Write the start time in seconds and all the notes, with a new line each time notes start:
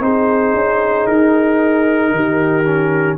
0.00 C4 D#4 G#4 C5
0.54 C#4
1.07 D#4 A#4
2.12 D#3 G4
2.66 C#4